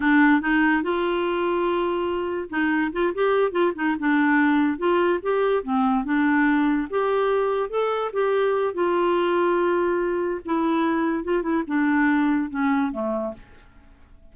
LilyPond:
\new Staff \with { instrumentName = "clarinet" } { \time 4/4 \tempo 4 = 144 d'4 dis'4 f'2~ | f'2 dis'4 f'8 g'8~ | g'8 f'8 dis'8 d'2 f'8~ | f'8 g'4 c'4 d'4.~ |
d'8 g'2 a'4 g'8~ | g'4 f'2.~ | f'4 e'2 f'8 e'8 | d'2 cis'4 a4 | }